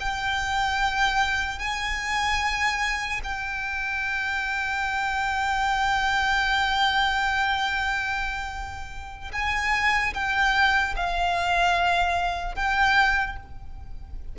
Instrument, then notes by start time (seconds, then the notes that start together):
violin
0.00 G5
1.59 G#5
3.24 G5
9.32 G#5
10.14 G5
10.96 F5
12.55 G5